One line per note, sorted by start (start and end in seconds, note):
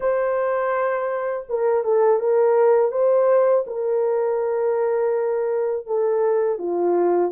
0.00 1.46 C5
1.49 1.84 A#4
1.84 2.20 A4
2.20 2.91 A#4
2.91 3.64 C5
3.66 5.86 A#4
5.86 6.58 A4
6.58 7.31 F4